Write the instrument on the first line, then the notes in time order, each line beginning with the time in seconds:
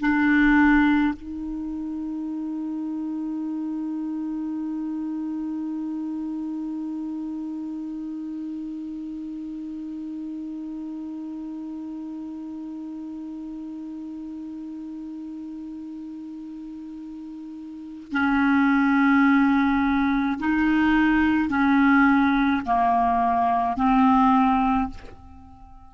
clarinet
0.00 D4
1.15 D#4
18.12 C#4
20.39 D#4
21.49 C#4
22.65 A#3
23.76 C4